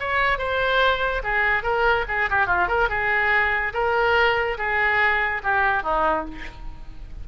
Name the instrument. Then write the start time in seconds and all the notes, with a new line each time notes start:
oboe
0.00 C#5
0.38 C5
1.24 G#4
1.63 A#4
2.08 G#4
2.30 G4
2.47 F4
2.68 A#4
2.89 G#4
3.73 A#4
4.58 G#4
5.43 G4
5.83 D#4